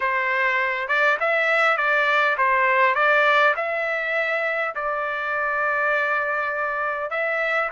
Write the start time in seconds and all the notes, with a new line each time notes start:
0.00 C5
0.87 D5
1.20 E5
1.77 D5
2.37 C5
2.94 D5
3.56 E5
4.75 D5
7.10 E5